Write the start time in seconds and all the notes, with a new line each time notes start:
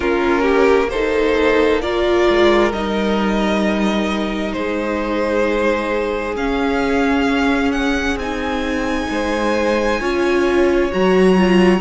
0.00 A#3 C#4 F4 A#4
0.42 G4
0.89 D#4 A4 C5
1.81 F4 A#4 D5
2.30 G#3
2.72 G3 D#4 D#5
4.52 G#3 G#4 C5
6.35 C#4 F5
7.72 F#5
8.16 C4 D#4 G#5
9.09 G#3 C5
10.00 C#4 F4 C#5
10.91 F#3 F#4 A#5
11.37 F4